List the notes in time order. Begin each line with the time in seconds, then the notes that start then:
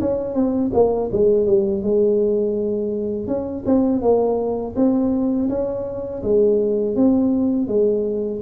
0.00 C#4
0.34 C4
0.73 A#3
1.12 G#3
1.46 G3
1.82 G#3
3.27 C#4
3.65 C4
4.01 A#3
4.75 C4
5.49 C#4
6.22 G#3
6.95 C4
7.67 G#3